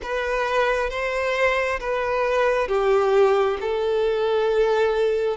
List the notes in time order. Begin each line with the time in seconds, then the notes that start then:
0.02 B4
0.90 C5
1.80 B4
2.68 G4
3.60 A4